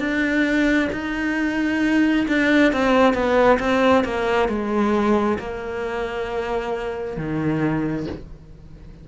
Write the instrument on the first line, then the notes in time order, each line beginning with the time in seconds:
cello
0.00 D4
0.93 D#4
2.28 D4
2.73 C4
3.14 B3
3.60 C4
4.05 A#3
4.49 G#3
5.39 A#3
7.18 D#3